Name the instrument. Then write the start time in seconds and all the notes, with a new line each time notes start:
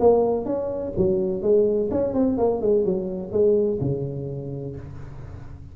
tuba
0.00 A#3
0.45 C#4
0.97 F#3
1.42 G#3
1.91 C#4
2.14 C4
2.38 A#3
2.61 G#3
2.85 F#3
3.32 G#3
3.81 C#3